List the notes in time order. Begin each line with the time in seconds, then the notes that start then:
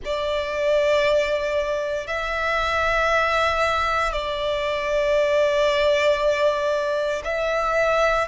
0.04 D5
2.07 E5
4.12 D5
7.24 E5